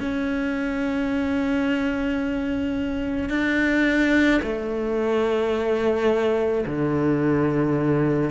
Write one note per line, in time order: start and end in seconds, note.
0.00 3.29 C#4
3.29 4.40 D4
4.42 6.65 A3
6.66 8.30 D3